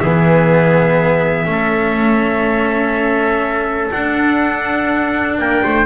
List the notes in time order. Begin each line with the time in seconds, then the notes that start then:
0.00 E3 B3 G#4 E5
1.45 A3 C#4 A4
3.91 D4 F#5
5.38 A#3 A#4 G5
5.64 A3 C5